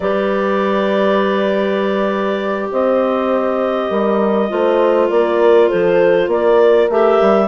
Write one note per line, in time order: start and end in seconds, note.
0.00 2.69 G3
0.00 4.49 G4
0.00 2.70 B4
0.00 2.69 D5
2.71 3.90 C4
2.71 3.90 C5
2.71 5.09 D#5
3.90 4.50 G3
3.90 4.50 A#4
4.49 5.10 A3
4.49 6.89 F4
4.49 5.10 C5
5.09 5.70 A#3
5.09 5.67 A#4
5.09 5.69 D5
5.67 6.27 F3
5.67 6.27 A4
5.67 6.29 C5
6.27 6.87 A#3
6.27 7.47 A#4
6.27 6.90 D5
6.89 7.19 A3
6.89 7.48 G4
6.89 7.48 E5
7.21 7.48 G3